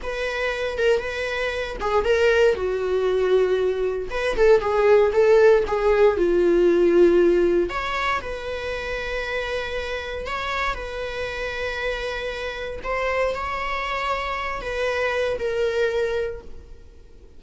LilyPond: \new Staff \with { instrumentName = "viola" } { \time 4/4 \tempo 4 = 117 b'4. ais'8 b'4. gis'8 | ais'4 fis'2. | b'8 a'8 gis'4 a'4 gis'4 | f'2. cis''4 |
b'1 | cis''4 b'2.~ | b'4 c''4 cis''2~ | cis''8 b'4. ais'2 | }